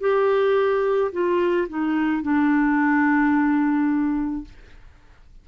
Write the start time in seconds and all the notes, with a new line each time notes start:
0.00 G4
1.12 F4
1.69 D#4
2.22 D4